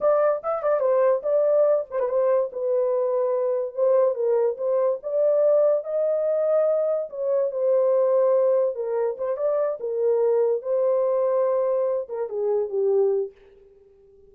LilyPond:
\new Staff \with { instrumentName = "horn" } { \time 4/4 \tempo 4 = 144 d''4 e''8 d''8 c''4 d''4~ | d''8 c''16 b'16 c''4 b'2~ | b'4 c''4 ais'4 c''4 | d''2 dis''2~ |
dis''4 cis''4 c''2~ | c''4 ais'4 c''8 d''4 ais'8~ | ais'4. c''2~ c''8~ | c''4 ais'8 gis'4 g'4. | }